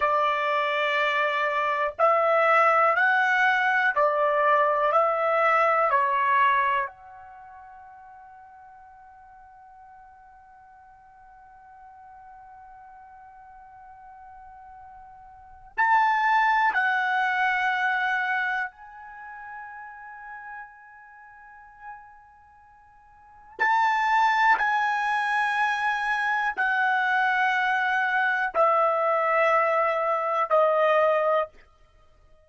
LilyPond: \new Staff \with { instrumentName = "trumpet" } { \time 4/4 \tempo 4 = 61 d''2 e''4 fis''4 | d''4 e''4 cis''4 fis''4~ | fis''1~ | fis''1 |
a''4 fis''2 gis''4~ | gis''1 | a''4 gis''2 fis''4~ | fis''4 e''2 dis''4 | }